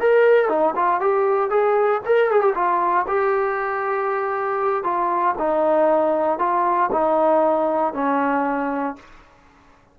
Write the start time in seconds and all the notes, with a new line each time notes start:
0.00 A#4
0.49 D#4
0.76 F4
1.00 G4
1.50 G#4
2.06 A#4
2.31 G#4
2.41 G4
2.55 F4
3.08 G4
4.84 F4
5.38 D#4
6.39 F4
6.92 D#4
7.94 C#4